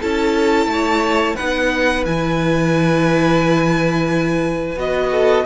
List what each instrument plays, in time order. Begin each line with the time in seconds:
0.00 cello C#4, viola E4, violin A4 A5
0.66 cello A3
0.72 violin C#5
1.35 cello B3, viola D#4, violin B4 F#5
2.05 cello E3, viola E4, violin G#5
4.76 cello B3, viola F#4, violin D#5
5.11 violin A4